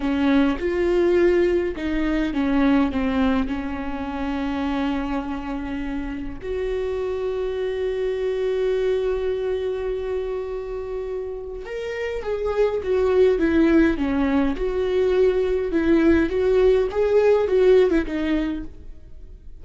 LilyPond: \new Staff \with { instrumentName = "viola" } { \time 4/4 \tempo 4 = 103 cis'4 f'2 dis'4 | cis'4 c'4 cis'2~ | cis'2. fis'4~ | fis'1~ |
fis'1 | ais'4 gis'4 fis'4 e'4 | cis'4 fis'2 e'4 | fis'4 gis'4 fis'8. e'16 dis'4 | }